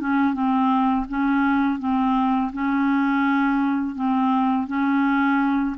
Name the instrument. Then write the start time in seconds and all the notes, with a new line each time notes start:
clarinet
0.00 C#4
0.34 C4
1.09 C#4
1.79 C4
2.52 C#4
3.95 C4
4.67 C#4